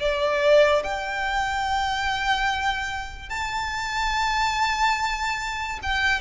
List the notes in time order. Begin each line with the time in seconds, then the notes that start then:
0.00 D5
0.84 G5
3.30 A5
5.83 G5